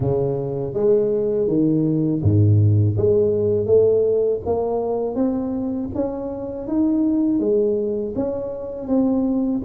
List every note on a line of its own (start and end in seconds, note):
0.00 0.73 C#3
0.73 1.47 G#3
1.47 2.21 D#3
2.22 2.96 G#2
2.97 3.66 G#3
3.66 4.40 A3
4.45 5.15 A#3
5.15 5.89 C4
5.94 6.67 C#4
6.67 7.39 D#4
7.39 8.13 G#3
8.15 8.87 C#4
8.87 9.61 C4